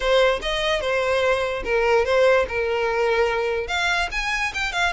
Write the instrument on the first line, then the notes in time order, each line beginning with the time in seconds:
violin
0.00 C5
0.41 D#5
0.81 C5
1.64 A#4
2.05 C5
2.48 A#4
3.67 F5
4.11 G#5
4.54 G5
4.72 F5